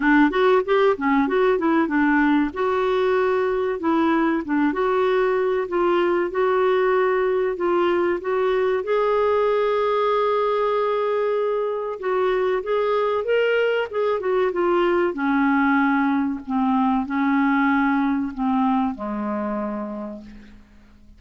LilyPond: \new Staff \with { instrumentName = "clarinet" } { \time 4/4 \tempo 4 = 95 d'8 fis'8 g'8 cis'8 fis'8 e'8 d'4 | fis'2 e'4 d'8 fis'8~ | fis'4 f'4 fis'2 | f'4 fis'4 gis'2~ |
gis'2. fis'4 | gis'4 ais'4 gis'8 fis'8 f'4 | cis'2 c'4 cis'4~ | cis'4 c'4 gis2 | }